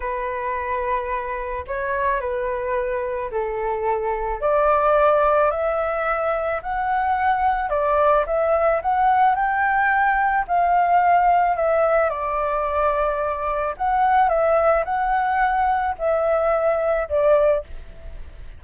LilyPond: \new Staff \with { instrumentName = "flute" } { \time 4/4 \tempo 4 = 109 b'2. cis''4 | b'2 a'2 | d''2 e''2 | fis''2 d''4 e''4 |
fis''4 g''2 f''4~ | f''4 e''4 d''2~ | d''4 fis''4 e''4 fis''4~ | fis''4 e''2 d''4 | }